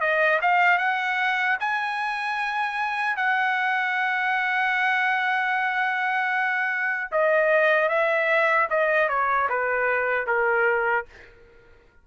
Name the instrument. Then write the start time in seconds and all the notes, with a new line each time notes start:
trumpet
0.00 D#5
0.41 F5
0.78 F#5
1.59 G#5
3.16 F#5
7.11 D#5
7.88 E5
8.69 D#5
9.09 C#5
9.49 B4
10.26 A#4